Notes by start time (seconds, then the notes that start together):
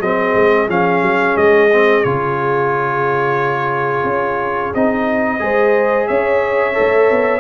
0.00 F#3 C4 G#4 D#5
0.35 G#3
0.69 F3 C#4 F5
1.02 F#3
1.36 G#3 D#5
1.72 C4
2.04 C#3 F4 C#5
4.04 C#4
4.74 C4 D#4 D#5
5.39 G#3 G#4 C5
6.08 C#4 C#5 E5
6.73 A4
6.79 A3
7.11 B3